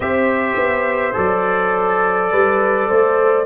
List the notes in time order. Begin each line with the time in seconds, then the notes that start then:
0.00 C4 G4 C5 E5
0.56 B3
1.12 F#3 A4 D5
2.30 G3 B4
2.88 A3 C5